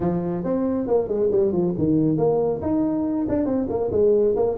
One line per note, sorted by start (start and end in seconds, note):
0.00 0.44 F3
0.44 0.87 C4
0.87 1.08 A#3
1.08 1.29 G#3
1.31 1.52 G3
1.52 1.74 F3
1.77 2.17 D#3
2.17 2.60 A#3
2.61 3.26 D#4
3.28 3.45 D4
3.45 3.67 C4
3.69 3.90 A#3
3.91 4.35 G#3
4.35 4.57 A#3